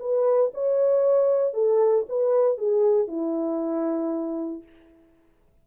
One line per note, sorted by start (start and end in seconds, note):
0.00 0.52 B4
0.54 1.54 C#5
1.54 2.06 A4
2.09 2.58 B4
2.58 3.08 G#4
3.08 4.63 E4